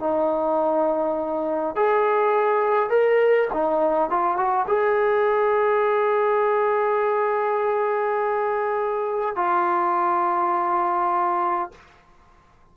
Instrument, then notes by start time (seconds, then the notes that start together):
trombone
0.00 D#4
1.76 G#4
2.90 A#4
3.53 D#4
4.10 F4
4.37 F#4
4.68 G#4
9.36 F4